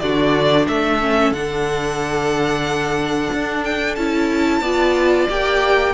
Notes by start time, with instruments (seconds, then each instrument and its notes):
0.00 cello D3, viola D4, violin F#4 D5
0.68 cello A3, violin A4 E5
1.01 viola C#4
1.31 cello D3, viola D4, violin F#5
3.33 cello D4
3.65 violin G5
3.95 cello C#4, viola E4, violin A5
4.61 cello B3, viola F4, violin D5
5.30 cello A#3, viola G4, violin G5